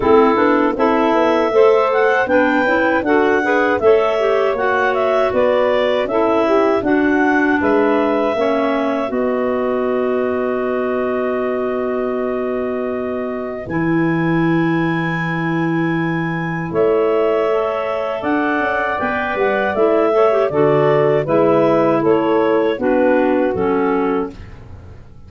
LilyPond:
<<
  \new Staff \with { instrumentName = "clarinet" } { \time 4/4 \tempo 4 = 79 a'4 e''4. fis''8 g''4 | fis''4 e''4 fis''8 e''8 d''4 | e''4 fis''4 e''2 | dis''1~ |
dis''2 gis''2~ | gis''2 e''2 | fis''4 g''8 fis''8 e''4 d''4 | e''4 cis''4 b'4 a'4 | }
  \new Staff \with { instrumentName = "saxophone" } { \time 4/4 e'4 a'4 c''4 b'4 | a'8 b'8 cis''2 b'4 | a'8 g'8 fis'4 b'4 cis''4 | b'1~ |
b'1~ | b'2 cis''2 | d''2~ d''8 cis''8 a'4 | b'4 a'4 fis'2 | }
  \new Staff \with { instrumentName = "clarinet" } { \time 4/4 c'8 d'8 e'4 a'4 d'8 e'8 | fis'8 gis'8 a'8 g'8 fis'2 | e'4 d'2 cis'4 | fis'1~ |
fis'2 e'2~ | e'2. a'4~ | a'4 b'4 e'8 a'16 g'16 fis'4 | e'2 d'4 cis'4 | }
  \new Staff \with { instrumentName = "tuba" } { \time 4/4 a8 b8 c'8 b8 a4 b8 cis'8 | d'4 a4 ais4 b4 | cis'4 d'4 gis4 ais4 | b1~ |
b2 e2~ | e2 a2 | d'8 cis'8 b8 g8 a4 d4 | gis4 a4 b4 fis4 | }
>>